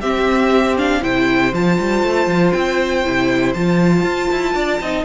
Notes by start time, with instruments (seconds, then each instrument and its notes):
0.00 viola C4, cello C4, violin G4 E5
0.77 viola D4, violin F5
1.01 cello C3, viola E4, violin C5 G5
1.53 cello F3, viola F4, violin A5
1.79 cello G3
2.03 cello A3
2.26 cello F3
2.51 cello C4, violin G5
3.05 cello C3, viola E4
3.54 cello F3, viola F4, violin A5
4.02 cello F4
4.31 cello E4
4.54 cello D4, violin D5
4.80 cello C4, viola D#4, violin D#5